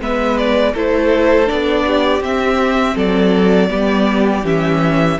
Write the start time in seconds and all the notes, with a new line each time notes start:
0.00 G#3 B3 B4 E5
0.37 D5
0.73 A3 E4 A4 C5
1.46 B3 D4 D5
1.86 G4
2.20 C4 E5
2.95 F#3 A4 D5
3.69 G3 B3 G4
4.44 E3 C#4 E5